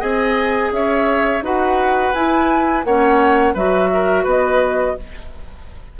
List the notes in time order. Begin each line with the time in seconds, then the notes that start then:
0.00 C4 G#4 D#5 G#5
0.71 C#4 C#5 E5
1.41 D#4 F#4 B4 F#5
2.14 E4 G#5
2.84 A#3 C#4 C#5 F#5
3.54 F#3 F#4 B4 E5
3.94 A#4
4.24 B3 B4 D#5